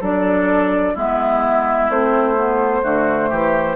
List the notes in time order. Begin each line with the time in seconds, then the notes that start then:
0.00 F#3 D4 A4 D5
0.94 G#3 B3 E4 E5
1.90 A3 C4 C5
2.35 B3
2.82 D3 A3 F#4
3.29 E3 G4